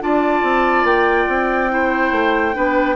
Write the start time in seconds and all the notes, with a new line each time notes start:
0.00 D4 F4 D5 A5
0.43 C4
0.83 A#3 G5
1.28 C4
1.69 E4 C5
2.11 A3
2.53 B3 D4 B4